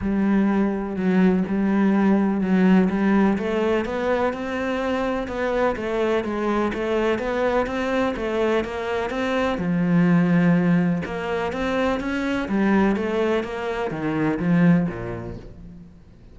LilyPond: \new Staff \with { instrumentName = "cello" } { \time 4/4 \tempo 4 = 125 g2 fis4 g4~ | g4 fis4 g4 a4 | b4 c'2 b4 | a4 gis4 a4 b4 |
c'4 a4 ais4 c'4 | f2. ais4 | c'4 cis'4 g4 a4 | ais4 dis4 f4 ais,4 | }